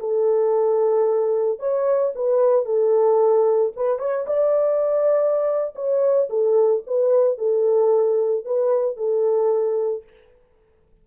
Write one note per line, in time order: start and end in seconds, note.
0.00 1.60 A4
1.60 2.13 C#5
2.15 2.65 B4
2.65 3.73 A4
3.76 3.99 B4
3.99 4.26 C#5
4.27 5.74 D5
5.75 6.29 C#5
6.30 6.84 A4
6.87 7.39 B4
7.39 8.45 A4
8.45 8.97 B4
8.97 10.04 A4